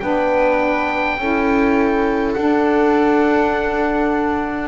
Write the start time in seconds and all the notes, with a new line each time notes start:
0.00 B3 D4 B4 G5
1.18 C#4 E4 A4
2.34 D4 F#5